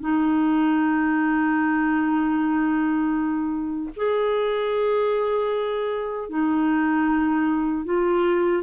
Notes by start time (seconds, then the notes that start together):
0.00 D#4
3.96 G#4
6.29 D#4
7.85 F4